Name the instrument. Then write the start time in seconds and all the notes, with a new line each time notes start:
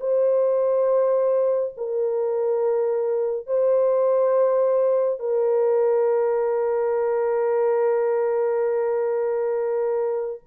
horn
0.00 C5
1.77 A#4
3.46 C5
5.19 A#4